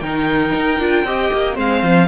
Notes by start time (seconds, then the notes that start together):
0.00 D#3 D#4 A#4 G5
0.54 D#4
0.79 D4 F4
1.04 C4 G4 D#5
1.33 A#3
1.54 G#3 C4 C5 F5
1.83 F3